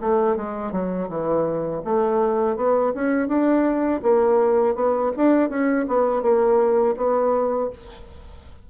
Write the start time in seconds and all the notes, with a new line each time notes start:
0.00 A3
0.36 G#3
0.72 F#3
1.08 E3
1.84 A3
2.56 B3
2.95 C#4
3.28 D4
4.02 A#3
4.75 B3
5.16 D4
5.49 C#4
5.87 B3
6.22 A#3
6.96 B3